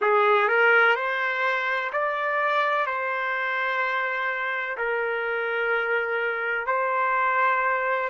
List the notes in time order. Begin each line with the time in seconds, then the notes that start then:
0.01 G#4
0.48 A#4
0.95 C5
1.92 D5
2.86 C5
4.77 A#4
6.66 C5